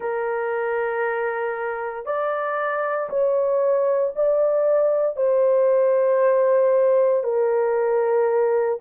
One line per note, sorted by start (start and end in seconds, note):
0.00 2.05 A#4
2.05 3.08 D5
3.09 4.12 C#5
4.15 5.16 D5
5.16 7.23 C5
7.23 8.78 A#4